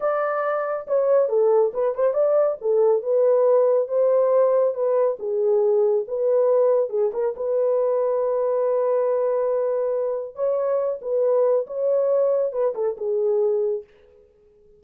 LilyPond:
\new Staff \with { instrumentName = "horn" } { \time 4/4 \tempo 4 = 139 d''2 cis''4 a'4 | b'8 c''8 d''4 a'4 b'4~ | b'4 c''2 b'4 | gis'2 b'2 |
gis'8 ais'8 b'2.~ | b'1 | cis''4. b'4. cis''4~ | cis''4 b'8 a'8 gis'2 | }